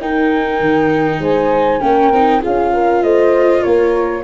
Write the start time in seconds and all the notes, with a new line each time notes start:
0.00 D#4 A#4 G5
0.60 D#3
1.19 G#3 C5 G#5
1.80 A#3 C#4 A#4 G5
2.11 C4 D#4
2.41 C#4 F4 G#4 F5
2.73 A#4
3.03 A3 C5 D#5
3.62 A#3 A#4 C#5